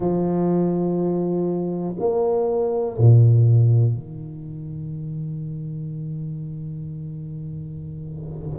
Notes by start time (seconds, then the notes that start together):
0.00 F3
1.99 A#3
2.98 A#2
3.93 D#3